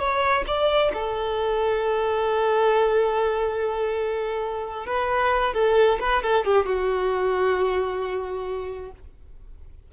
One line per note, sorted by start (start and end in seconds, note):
0.00 0.45 C#5
0.47 0.92 D5
0.94 4.87 A4
4.87 5.54 B4
5.54 5.99 A4
6.00 6.23 B4
6.23 6.45 A4
6.45 6.66 G4
6.66 8.92 F#4